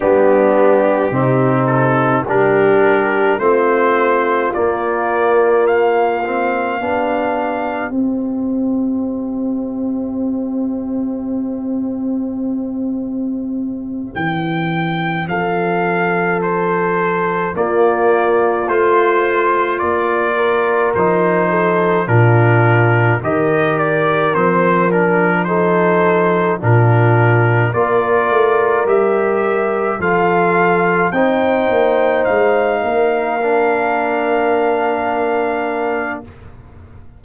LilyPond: <<
  \new Staff \with { instrumentName = "trumpet" } { \time 4/4 \tempo 4 = 53 g'4. a'8 ais'4 c''4 | d''4 f''2 e''4~ | e''1~ | e''8 g''4 f''4 c''4 d''8~ |
d''8 c''4 d''4 c''4 ais'8~ | ais'8 dis''8 d''8 c''8 ais'8 c''4 ais'8~ | ais'8 d''4 e''4 f''4 g''8~ | g''8 f''2.~ f''8 | }
  \new Staff \with { instrumentName = "horn" } { \time 4/4 d'4 dis'4 g'4 f'4~ | f'2 g'2~ | g'1~ | g'4. a'2 f'8~ |
f'2 ais'4 a'8 f'8~ | f'8 ais'2 a'4 f'8~ | f'8 ais'2 a'4 c''8~ | c''4 ais'2. | }
  \new Staff \with { instrumentName = "trombone" } { \time 4/4 b4 c'4 d'4 c'4 | ais4. c'8 d'4 c'4~ | c'1~ | c'2.~ c'8 ais8~ |
ais8 f'2 dis'4 d'8~ | d'8 g'4 c'8 d'8 dis'4 d'8~ | d'8 f'4 g'4 f'4 dis'8~ | dis'4. d'2~ d'8 | }
  \new Staff \with { instrumentName = "tuba" } { \time 4/4 g4 c4 g4 a4 | ais2 b4 c'4~ | c'1~ | c'8 e4 f2 ais8~ |
ais8 a4 ais4 f4 ais,8~ | ais,8 dis4 f2 ais,8~ | ais,8 ais8 a8 g4 f4 c'8 | ais8 gis8 ais2. | }
>>